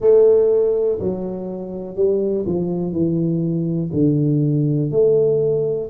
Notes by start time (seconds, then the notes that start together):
0.00 A3
0.99 F#3
1.95 G3
2.46 F3
2.92 E3
3.93 D3
4.91 A3